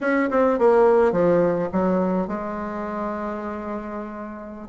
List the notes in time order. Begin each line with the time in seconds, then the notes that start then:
0.01 C#4
0.30 C4
0.58 A#3
1.12 F3
1.72 F#3
2.27 G#3